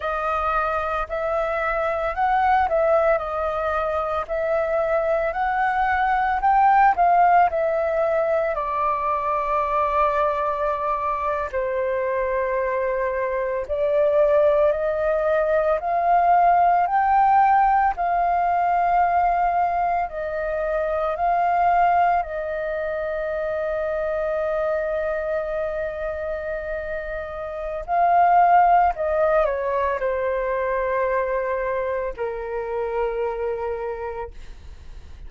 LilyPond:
\new Staff \with { instrumentName = "flute" } { \time 4/4 \tempo 4 = 56 dis''4 e''4 fis''8 e''8 dis''4 | e''4 fis''4 g''8 f''8 e''4 | d''2~ d''8. c''4~ c''16~ | c''8. d''4 dis''4 f''4 g''16~ |
g''8. f''2 dis''4 f''16~ | f''8. dis''2.~ dis''16~ | dis''2 f''4 dis''8 cis''8 | c''2 ais'2 | }